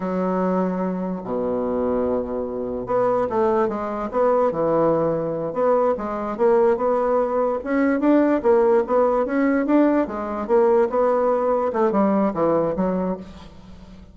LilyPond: \new Staff \with { instrumentName = "bassoon" } { \time 4/4 \tempo 4 = 146 fis2. b,4~ | b,2. b4 | a4 gis4 b4 e4~ | e4. b4 gis4 ais8~ |
ais8 b2 cis'4 d'8~ | d'8 ais4 b4 cis'4 d'8~ | d'8 gis4 ais4 b4.~ | b8 a8 g4 e4 fis4 | }